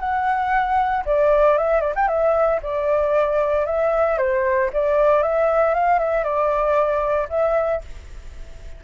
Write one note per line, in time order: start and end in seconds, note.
0.00 1.04 F#5
1.06 1.58 D5
1.58 1.80 E5
1.80 1.94 D5
1.95 2.08 G5
2.08 2.60 E5
2.62 3.66 D5
3.66 4.18 E5
4.18 4.70 C5
4.73 5.23 D5
5.23 5.74 E5
5.74 5.99 F5
5.99 6.24 E5
6.24 7.28 D5
7.29 7.82 E5